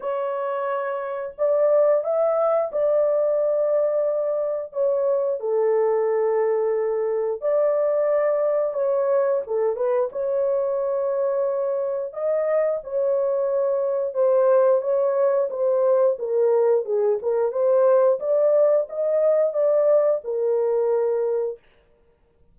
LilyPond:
\new Staff \with { instrumentName = "horn" } { \time 4/4 \tempo 4 = 89 cis''2 d''4 e''4 | d''2. cis''4 | a'2. d''4~ | d''4 cis''4 a'8 b'8 cis''4~ |
cis''2 dis''4 cis''4~ | cis''4 c''4 cis''4 c''4 | ais'4 gis'8 ais'8 c''4 d''4 | dis''4 d''4 ais'2 | }